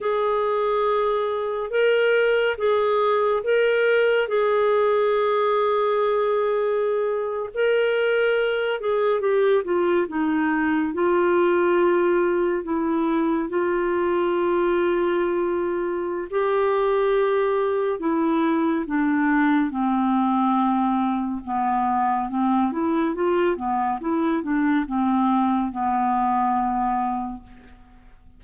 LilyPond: \new Staff \with { instrumentName = "clarinet" } { \time 4/4 \tempo 4 = 70 gis'2 ais'4 gis'4 | ais'4 gis'2.~ | gis'8. ais'4. gis'8 g'8 f'8 dis'16~ | dis'8. f'2 e'4 f'16~ |
f'2. g'4~ | g'4 e'4 d'4 c'4~ | c'4 b4 c'8 e'8 f'8 b8 | e'8 d'8 c'4 b2 | }